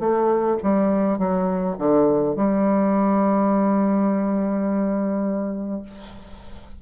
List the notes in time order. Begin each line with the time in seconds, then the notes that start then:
0.00 A3
0.63 G3
1.19 F#3
1.79 D3
2.37 G3